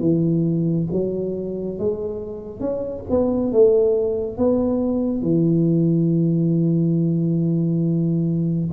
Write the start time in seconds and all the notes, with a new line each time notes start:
0.00 E3
0.92 F#3
1.78 G#3
2.60 C#4
3.09 B3
3.52 A3
4.37 B3
5.22 E3